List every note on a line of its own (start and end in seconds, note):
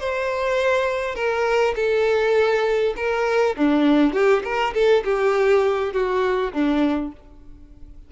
0.00 1.16 C5
1.16 1.75 A#4
1.76 2.95 A4
2.97 3.56 A#4
3.57 4.14 D4
4.14 4.43 G4
4.44 4.74 A#4
4.74 5.04 A4
5.05 5.94 G4
5.94 6.53 F#4
6.53 7.12 D4